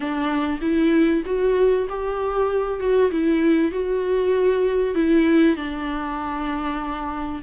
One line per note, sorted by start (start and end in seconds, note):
0.00 0.59 D4
0.61 1.23 E4
1.25 1.87 F#4
1.89 2.80 G4
2.80 3.11 F#4
3.11 3.71 E4
3.71 4.95 F#4
4.95 5.56 E4
5.56 7.41 D4